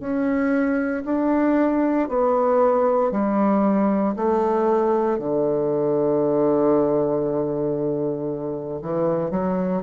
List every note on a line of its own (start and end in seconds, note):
0.00 1.03 C#4
1.05 2.08 D4
2.09 3.11 B3
3.11 4.15 G3
4.16 5.19 A3
5.19 8.81 D3
8.82 9.31 E3
9.31 9.82 F#3